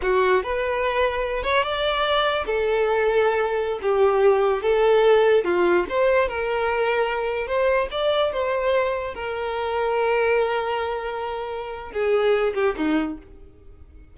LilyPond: \new Staff \with { instrumentName = "violin" } { \time 4/4 \tempo 4 = 146 fis'4 b'2~ b'8 cis''8 | d''2 a'2~ | a'4~ a'16 g'2 a'8.~ | a'4~ a'16 f'4 c''4 ais'8.~ |
ais'2~ ais'16 c''4 d''8.~ | d''16 c''2 ais'4.~ ais'16~ | ais'1~ | ais'4 gis'4. g'8 dis'4 | }